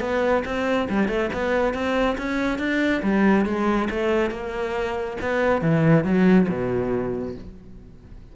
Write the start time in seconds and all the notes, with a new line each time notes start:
0.00 B3
0.45 C4
0.89 G3
1.08 A3
1.33 B3
1.73 C4
2.18 C#4
2.58 D4
3.02 G3
3.45 G#3
3.90 A3
4.30 A#3
5.21 B3
5.61 E3
6.04 F#3
6.48 B2